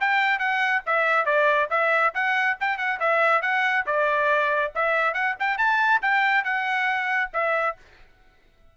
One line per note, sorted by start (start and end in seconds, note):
0.00 0.39 G5
0.39 0.82 F#5
0.86 1.25 E5
1.25 1.68 D5
1.70 2.13 E5
2.14 2.57 F#5
2.60 2.78 G5
2.78 2.99 F#5
3.00 3.42 E5
3.42 3.85 F#5
3.86 4.72 D5
4.75 5.14 E5
5.14 5.35 F#5
5.39 5.58 G5
5.58 6.01 A5
6.02 6.44 G5
6.44 7.30 F#5
7.33 7.76 E5